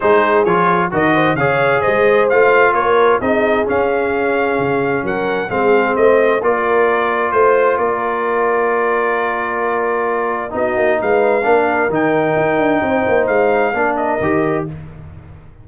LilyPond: <<
  \new Staff \with { instrumentName = "trumpet" } { \time 4/4 \tempo 4 = 131 c''4 cis''4 dis''4 f''4 | dis''4 f''4 cis''4 dis''4 | f''2. fis''4 | f''4 dis''4 d''2 |
c''4 d''2.~ | d''2. dis''4 | f''2 g''2~ | g''4 f''4. dis''4. | }
  \new Staff \with { instrumentName = "horn" } { \time 4/4 gis'2 ais'8 c''8 cis''4 | c''2 ais'4 gis'4~ | gis'2. ais'4 | gis'4 c''4 ais'2 |
c''4 ais'2.~ | ais'2. fis'4 | b'4 ais'2. | c''2 ais'2 | }
  \new Staff \with { instrumentName = "trombone" } { \time 4/4 dis'4 f'4 fis'4 gis'4~ | gis'4 f'2 dis'4 | cis'1 | c'2 f'2~ |
f'1~ | f'2. dis'4~ | dis'4 d'4 dis'2~ | dis'2 d'4 g'4 | }
  \new Staff \with { instrumentName = "tuba" } { \time 4/4 gis4 f4 dis4 cis4 | gis4 a4 ais4 c'4 | cis'2 cis4 fis4 | gis4 a4 ais2 |
a4 ais2.~ | ais2. b8 ais8 | gis4 ais4 dis4 dis'8 d'8 | c'8 ais8 gis4 ais4 dis4 | }
>>